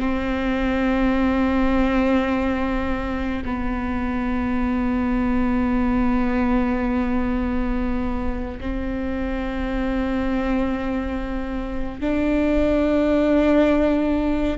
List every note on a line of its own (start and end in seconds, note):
0.00 3.43 C4
3.44 8.59 B3
8.60 12.00 C4
12.00 14.58 D4